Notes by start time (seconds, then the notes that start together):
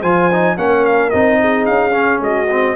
0.00 F3 F4 C5 G#5
0.32 D#4
0.57 A#3 C#4 A#4 F#5
0.85 F5
1.10 C4 D#4 D#5
1.40 G#4
1.66 C#4 F5
1.91 C#4
2.20 G#3 F#4 D#5
2.51 C4